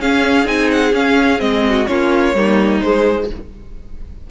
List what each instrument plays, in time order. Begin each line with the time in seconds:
0.00 viola C#4, cello C#4, violin G#4 F5
0.45 cello C4, viola D#4, violin G#5
0.71 violin F#5
0.93 cello C#4, viola C#4, violin F5
1.39 cello G#3, viola C4, violin D#5
1.69 violin F#4
1.87 cello A#3, viola C#4, violin F4 C#5
2.34 cello G3, viola A#3, violin D#4
2.81 viola G#3, cello G#3, violin C5